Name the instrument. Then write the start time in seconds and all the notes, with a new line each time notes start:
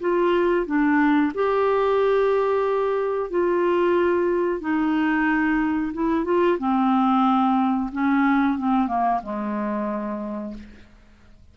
clarinet
0.00 F4
0.66 D4
1.34 G4
3.30 F4
4.61 D#4
5.93 E4
6.25 F4
6.58 C4
7.92 C#4
8.58 C4
8.87 A#3
9.22 G#3